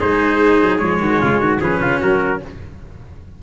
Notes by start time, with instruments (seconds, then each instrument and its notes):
0.00 tuba G#3, cello D#4, trumpet G#4 C5
0.63 tuba F#3
0.78 tuba F3, cello G#3, trumpet C#5
1.00 tuba D#3, trumpet F#4
1.21 tuba C#3, trumpet F4
1.40 tuba D#3, trumpet F#4
1.61 tuba F3, cello C#4, trumpet G#4 B4
1.80 tuba C#3, trumpet F4
2.01 tuba F#3, trumpet F#4 A#4